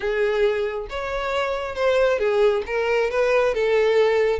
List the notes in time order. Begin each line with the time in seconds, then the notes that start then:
0.00 G#4
0.89 C#5
1.75 C5
2.18 G#4
2.66 A#4
3.10 B4
3.54 A4